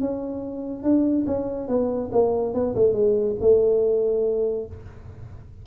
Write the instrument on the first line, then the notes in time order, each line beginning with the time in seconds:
tuba
0.00 C#4
0.83 D4
1.26 C#4
1.68 B3
2.12 A#3
2.53 B3
2.75 A3
2.93 G#3
3.40 A3